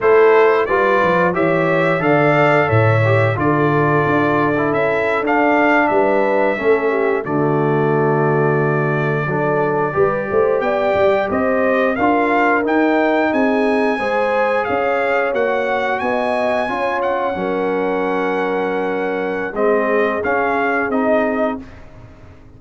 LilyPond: <<
  \new Staff \with { instrumentName = "trumpet" } { \time 4/4 \tempo 4 = 89 c''4 d''4 e''4 f''4 | e''4 d''2 e''8. f''16~ | f''8. e''2 d''4~ d''16~ | d''2.~ d''8. g''16~ |
g''8. dis''4 f''4 g''4 gis''16~ | gis''4.~ gis''16 f''4 fis''4 gis''16~ | gis''4~ gis''16 fis''2~ fis''8.~ | fis''4 dis''4 f''4 dis''4 | }
  \new Staff \with { instrumentName = "horn" } { \time 4/4 a'4 b'4 cis''4 d''4 | cis''4 a'2.~ | a'8. b'4 a'8 g'8 fis'4~ fis'16~ | fis'4.~ fis'16 a'4 b'8 c''8 d''16~ |
d''8. c''4 ais'2 gis'16~ | gis'8. c''4 cis''2 dis''16~ | dis''8. cis''4 ais'2~ ais'16~ | ais'4 gis'2. | }
  \new Staff \with { instrumentName = "trombone" } { \time 4/4 e'4 f'4 g'4 a'4~ | a'8 g'8 f'4.~ f'16 e'4 d'16~ | d'4.~ d'16 cis'4 a4~ a16~ | a4.~ a16 d'4 g'4~ g'16~ |
g'4.~ g'16 f'4 dis'4~ dis'16~ | dis'8. gis'2 fis'4~ fis'16~ | fis'8. f'4 cis'2~ cis'16~ | cis'4 c'4 cis'4 dis'4 | }
  \new Staff \with { instrumentName = "tuba" } { \time 4/4 a4 g8 f8 e4 d4 | a,4 d4 d'4 cis'8. d'16~ | d'8. g4 a4 d4~ d16~ | d4.~ d16 fis4 g8 a8 b16~ |
b16 g8 c'4 d'4 dis'4 c'16~ | c'8. gis4 cis'4 ais4 b16~ | b8. cis'4 fis2~ fis16~ | fis4 gis4 cis'4 c'4 | }
>>